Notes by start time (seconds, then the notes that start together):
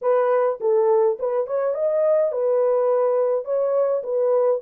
0.01 B4
0.60 A4
1.19 B4
1.46 C#5
1.74 D#5
2.32 B4
3.45 C#5
4.03 B4